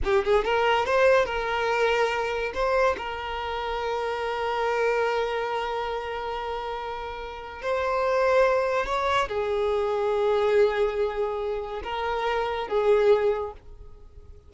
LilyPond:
\new Staff \with { instrumentName = "violin" } { \time 4/4 \tempo 4 = 142 g'8 gis'8 ais'4 c''4 ais'4~ | ais'2 c''4 ais'4~ | ais'1~ | ais'1~ |
ais'2 c''2~ | c''4 cis''4 gis'2~ | gis'1 | ais'2 gis'2 | }